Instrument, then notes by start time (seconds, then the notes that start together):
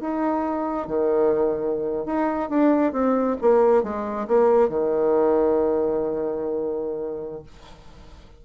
bassoon
0.00 D#4
0.87 D#3
2.05 D#4
2.49 D4
2.92 C4
3.41 A#3
3.83 G#3
4.27 A#3
4.69 D#3